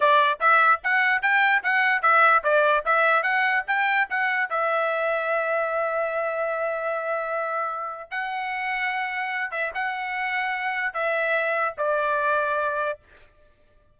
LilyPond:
\new Staff \with { instrumentName = "trumpet" } { \time 4/4 \tempo 4 = 148 d''4 e''4 fis''4 g''4 | fis''4 e''4 d''4 e''4 | fis''4 g''4 fis''4 e''4~ | e''1~ |
e''1 | fis''2.~ fis''8 e''8 | fis''2. e''4~ | e''4 d''2. | }